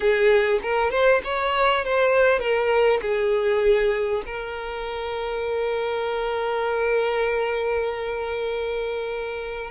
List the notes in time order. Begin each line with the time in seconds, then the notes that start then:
0.00 G#4
0.62 A#4
0.91 C5
1.24 C#5
1.85 C5
2.39 A#4
3.01 G#4
4.26 A#4